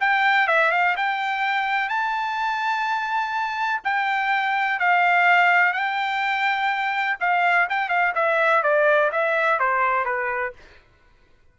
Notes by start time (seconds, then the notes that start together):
0.00 G5
0.47 E5
0.71 F5
0.96 G5
1.89 A5
3.84 G5
4.79 F5
5.73 G5
7.20 F5
7.69 G5
7.89 F5
8.15 E5
8.63 D5
9.12 E5
9.59 C5
10.05 B4